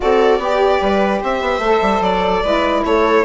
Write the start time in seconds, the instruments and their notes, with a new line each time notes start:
0.00 bassoon C4, saxophone F#4, viola A4, violin D5
0.38 bassoon B3, saxophone G4, viola G4
0.80 bassoon G3, viola B4
1.20 bassoon C4, viola C5, violin E5
1.41 bassoon B3
1.58 bassoon A3
1.65 saxophone A4
1.81 bassoon G3
2.00 bassoon F#3, violin D5
2.42 bassoon G#3, saxophone E4, viola B4
2.84 bassoon A3, viola A4, violin C#5